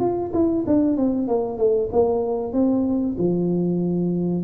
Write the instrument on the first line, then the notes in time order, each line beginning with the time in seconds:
tuba
0.00 F4
0.34 E4
0.67 D4
0.97 C4
1.28 A#3
1.58 A3
1.92 A#3
2.53 C4
3.18 F3